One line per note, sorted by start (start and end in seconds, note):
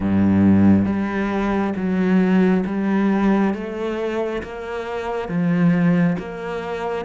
0.00 0.85 G2
0.85 1.73 G3
1.76 2.64 F#3
2.66 3.54 G3
3.54 4.42 A3
4.42 5.28 A#3
5.28 6.16 F3
6.18 7.05 A#3